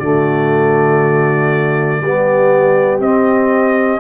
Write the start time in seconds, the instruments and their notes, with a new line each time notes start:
0.00 tuba D3, trombone A3, horn F#4, trumpet D5
2.01 tuba G3, trombone B3, horn G4
2.99 tuba C4, trombone C4, trumpet D#5